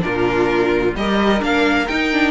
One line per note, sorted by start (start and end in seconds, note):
0.00 0.95 A#2
0.00 0.92 D4
0.00 0.97 F4
0.00 0.95 A#4
0.95 1.42 G3
0.95 1.40 G4
0.95 2.31 A#4
0.95 1.42 D#5
1.40 1.89 A#3
1.40 1.86 D4
1.40 1.88 F5
1.88 2.12 D#4
1.88 2.31 D#4
1.88 2.31 G5
2.12 2.31 D4